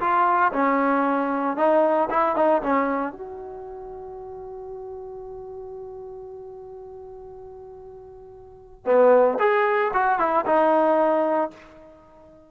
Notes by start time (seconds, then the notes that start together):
0.00 F4
0.52 C#4
1.57 D#4
2.10 E4
2.36 D#4
2.63 C#4
3.13 F#4
8.86 B3
9.39 G#4
9.94 F#4
10.19 E4
10.46 D#4